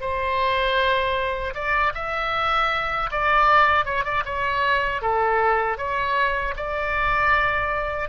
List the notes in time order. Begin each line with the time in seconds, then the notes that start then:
0.00 C5
1.54 D5
1.94 E5
3.11 D5
3.85 C#5
4.04 D5
4.25 C#5
5.01 A4
5.77 C#5
6.56 D5